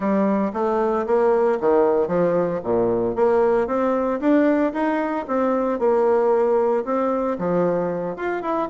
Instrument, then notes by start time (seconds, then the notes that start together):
bassoon
0.00 G3
0.53 A3
1.06 A#3
1.60 D#3
2.07 F3
2.63 A#2
3.15 A#3
3.67 C4
4.20 D4
4.73 D#4
5.27 C4
5.79 A#3
6.84 C4
7.38 F3
8.16 F4
8.42 E4